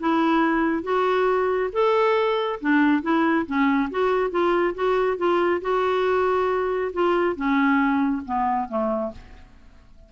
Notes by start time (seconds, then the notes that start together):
0.00 E4
0.83 F#4
1.73 A4
2.61 D4
3.03 E4
3.46 C#4
3.91 F#4
4.31 F4
4.75 F#4
5.18 F4
5.62 F#4
6.93 F4
7.36 C#4
8.26 B3
8.69 A3